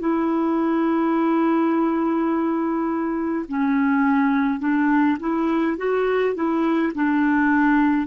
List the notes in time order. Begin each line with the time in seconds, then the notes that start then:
0.00 E4
3.49 C#4
4.60 D4
5.20 E4
5.78 F#4
6.35 E4
6.95 D4